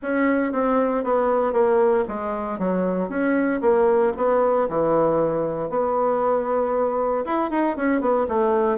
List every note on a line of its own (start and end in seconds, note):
0.02 0.52 C#4
0.52 1.04 C4
1.04 1.52 B3
1.52 2.04 A#3
2.08 2.58 G#3
2.58 3.09 F#3
3.09 3.60 C#4
3.61 4.12 A#3
4.16 4.68 B3
4.68 5.69 E3
5.69 7.24 B3
7.25 7.50 E4
7.50 7.76 D#4
7.76 8.00 C#4
8.00 8.26 B3
8.28 8.78 A3